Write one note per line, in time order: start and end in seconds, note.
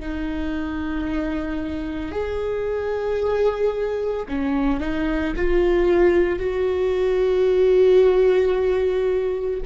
0.00 2.12 D#4
2.12 4.26 G#4
4.29 4.80 C#4
4.80 5.34 D#4
5.36 6.39 F4
6.39 9.61 F#4